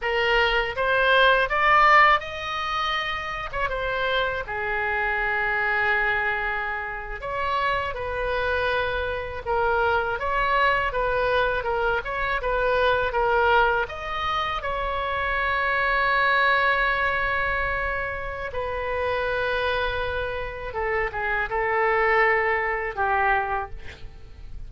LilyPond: \new Staff \with { instrumentName = "oboe" } { \time 4/4 \tempo 4 = 81 ais'4 c''4 d''4 dis''4~ | dis''8. cis''16 c''4 gis'2~ | gis'4.~ gis'16 cis''4 b'4~ b'16~ | b'8. ais'4 cis''4 b'4 ais'16~ |
ais'16 cis''8 b'4 ais'4 dis''4 cis''16~ | cis''1~ | cis''4 b'2. | a'8 gis'8 a'2 g'4 | }